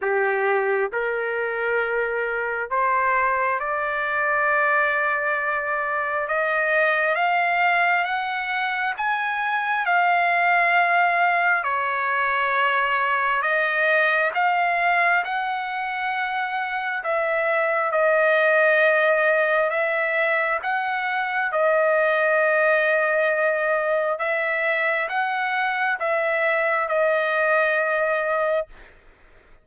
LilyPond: \new Staff \with { instrumentName = "trumpet" } { \time 4/4 \tempo 4 = 67 g'4 ais'2 c''4 | d''2. dis''4 | f''4 fis''4 gis''4 f''4~ | f''4 cis''2 dis''4 |
f''4 fis''2 e''4 | dis''2 e''4 fis''4 | dis''2. e''4 | fis''4 e''4 dis''2 | }